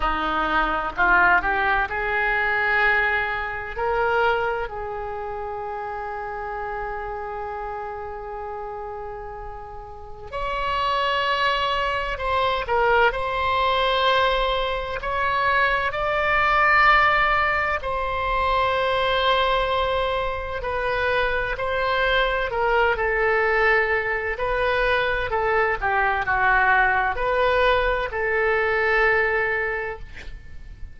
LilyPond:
\new Staff \with { instrumentName = "oboe" } { \time 4/4 \tempo 4 = 64 dis'4 f'8 g'8 gis'2 | ais'4 gis'2.~ | gis'2. cis''4~ | cis''4 c''8 ais'8 c''2 |
cis''4 d''2 c''4~ | c''2 b'4 c''4 | ais'8 a'4. b'4 a'8 g'8 | fis'4 b'4 a'2 | }